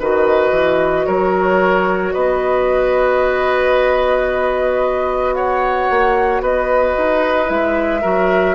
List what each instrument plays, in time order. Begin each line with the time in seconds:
0.00 bassoon D#3, clarinet F#4, oboe B4, flute D#5
0.52 bassoon E3
1.06 bassoon F#3, oboe A#4, flute C#5
2.13 bassoon B3, oboe B4, flute D#5
5.34 oboe C#5, flute F#5
5.90 bassoon A#3
6.41 bassoon B3, oboe B4, flute D#5
6.98 bassoon D#4
7.46 bassoon G#3, clarinet E4, flute E5
8.02 bassoon F#3, clarinet F#4, oboe A#4